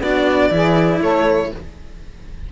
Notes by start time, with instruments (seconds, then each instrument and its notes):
0.00 cello B3 D4, saxophone F#4, violin D5
0.50 cello E3 E4, saxophone G#4
1.00 cello A3, saxophone A4, violin C#5